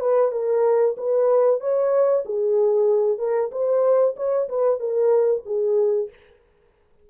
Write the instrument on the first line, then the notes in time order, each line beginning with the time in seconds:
horn
0.00 B4
0.32 A#4
0.97 B4
1.60 C#5
2.25 G#4
3.19 A#4
3.52 C5
4.17 C#5
4.49 B4
4.80 A#4
5.46 G#4